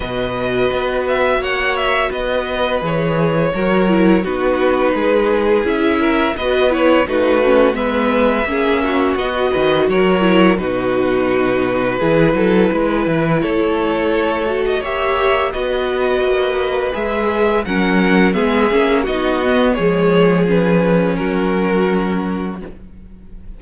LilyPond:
<<
  \new Staff \with { instrumentName = "violin" } { \time 4/4 \tempo 4 = 85 dis''4. e''8 fis''8 e''8 dis''4 | cis''2 b'2 | e''4 dis''8 cis''8 b'4 e''4~ | e''4 dis''4 cis''4 b'4~ |
b'2. cis''4~ | cis''8. dis''16 e''4 dis''2 | e''4 fis''4 e''4 dis''4 | cis''4 b'4 ais'2 | }
  \new Staff \with { instrumentName = "violin" } { \time 4/4 b'2 cis''4 b'4~ | b'4 ais'4 fis'4 gis'4~ | gis'8 ais'8 b'4 fis'4 b'4 | gis'8 fis'4 b'8 ais'4 fis'4~ |
fis'4 gis'8 a'8 b'4 a'4~ | a'4 cis''4 b'2~ | b'4 ais'4 gis'4 fis'4 | gis'2 fis'2 | }
  \new Staff \with { instrumentName = "viola" } { \time 4/4 fis'1 | gis'4 fis'8 e'8 dis'2 | e'4 fis'8 e'8 dis'8 cis'8 b4 | cis'4 fis'4. e'8 dis'4~ |
dis'4 e'2.~ | e'8 fis'8 g'4 fis'2 | gis'4 cis'4 b8 cis'8 dis'8 b8 | gis4 cis'2. | }
  \new Staff \with { instrumentName = "cello" } { \time 4/4 b,4 b4 ais4 b4 | e4 fis4 b4 gis4 | cis'4 b4 a4 gis4 | ais4 b8 dis8 fis4 b,4~ |
b,4 e8 fis8 gis8 e8 a4~ | a4 ais4 b4 ais4 | gis4 fis4 gis8 ais8 b4 | f2 fis2 | }
>>